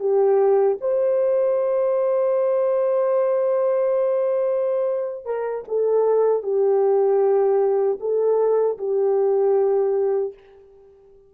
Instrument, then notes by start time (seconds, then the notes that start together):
horn
0.00 G4
0.81 C5
5.26 A#4
5.68 A4
6.43 G4
8.00 A4
8.78 G4